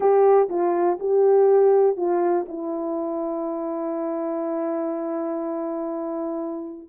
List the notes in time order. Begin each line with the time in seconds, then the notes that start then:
0.00 G4
0.49 F4
0.99 G4
1.96 F4
2.48 E4